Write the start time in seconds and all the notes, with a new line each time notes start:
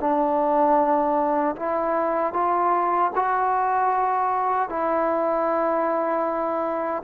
0.00 D4
1.56 E4
2.33 F4
3.15 F#4
4.69 E4